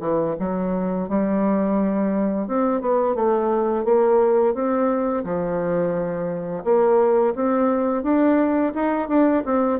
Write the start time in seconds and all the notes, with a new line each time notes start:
0.00 E3
0.39 F#3
1.09 G3
2.47 C4
2.81 B3
3.15 A3
3.85 A#3
4.54 C4
5.24 F3
6.64 A#3
7.35 C4
8.03 D4
8.74 D#4
9.08 D4
9.45 C4